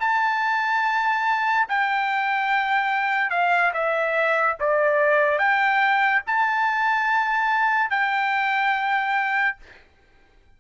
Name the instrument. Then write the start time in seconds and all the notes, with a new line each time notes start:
trumpet
0.00 A5
1.69 G5
3.30 F5
3.73 E5
4.59 D5
5.39 G5
6.27 A5
7.90 G5